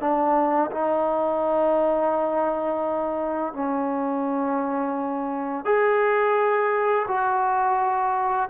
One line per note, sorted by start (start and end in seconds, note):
0.00 0.71 D4
0.72 3.53 D#4
3.53 5.65 C#4
5.65 7.06 G#4
7.08 8.49 F#4